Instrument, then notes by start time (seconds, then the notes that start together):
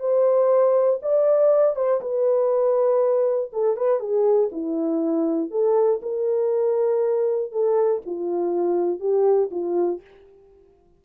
horn
0.00 C5
1.02 D5
1.76 C5
2.01 B4
3.53 A4
3.76 B4
4.00 G#4
4.52 E4
5.50 A4
6.02 A#4
7.52 A4
8.06 F4
9.00 G4
9.51 F4